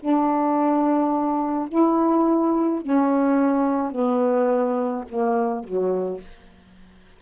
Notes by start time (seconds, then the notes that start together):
0.00 D4
1.69 E4
2.82 C#4
3.92 B3
5.09 A#3
5.64 F#3